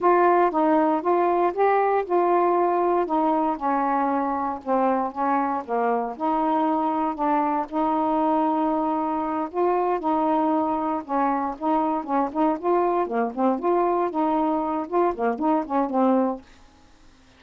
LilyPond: \new Staff \with { instrumentName = "saxophone" } { \time 4/4 \tempo 4 = 117 f'4 dis'4 f'4 g'4 | f'2 dis'4 cis'4~ | cis'4 c'4 cis'4 ais4 | dis'2 d'4 dis'4~ |
dis'2~ dis'8 f'4 dis'8~ | dis'4. cis'4 dis'4 cis'8 | dis'8 f'4 ais8 c'8 f'4 dis'8~ | dis'4 f'8 ais8 dis'8 cis'8 c'4 | }